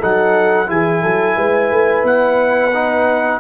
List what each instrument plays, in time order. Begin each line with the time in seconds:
0.00 tuba F#3, trombone D#4, horn A4, trumpet F#5
0.67 tuba E3, trombone E4, horn G#4, trumpet G#5
1.03 tuba F#3, horn A4
1.37 tuba G#3, horn B4
1.71 tuba A3
2.04 tuba B3, trumpet F#5
2.74 trombone D#4